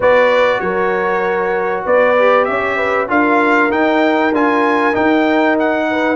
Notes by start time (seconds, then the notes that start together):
0.00 B3 F#4 B4 D5
0.60 F#3 A#4 C#5
1.85 B3 B4 D5
2.18 G4
2.44 C#4 C#5 E5
2.77 B4
3.07 D4 F4 A#4 F5
3.70 D#4 G5
4.32 D4 F4 G#5
4.92 D#4 G5
5.59 F#5
5.90 B4